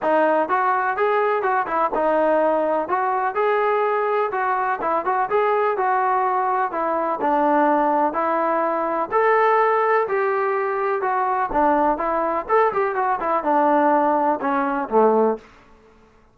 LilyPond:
\new Staff \with { instrumentName = "trombone" } { \time 4/4 \tempo 4 = 125 dis'4 fis'4 gis'4 fis'8 e'8 | dis'2 fis'4 gis'4~ | gis'4 fis'4 e'8 fis'8 gis'4 | fis'2 e'4 d'4~ |
d'4 e'2 a'4~ | a'4 g'2 fis'4 | d'4 e'4 a'8 g'8 fis'8 e'8 | d'2 cis'4 a4 | }